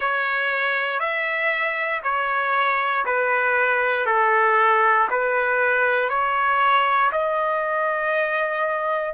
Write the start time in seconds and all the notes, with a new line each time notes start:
0.00 C#5
0.99 E5
2.03 C#5
3.05 B4
4.06 A4
5.10 B4
6.09 C#5
7.11 D#5